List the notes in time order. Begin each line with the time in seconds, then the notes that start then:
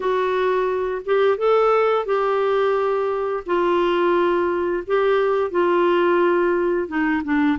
0.00 F#4
1.05 G4
1.37 A4
2.05 G4
3.45 F4
4.86 G4
5.50 F4
6.88 D#4
7.24 D4